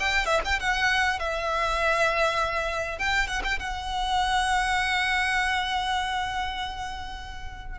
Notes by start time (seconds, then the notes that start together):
0.00 G5
0.26 E5
0.45 G5
0.60 F#5
1.19 E5
2.99 G5
3.27 F#5
3.44 G5
3.59 F#5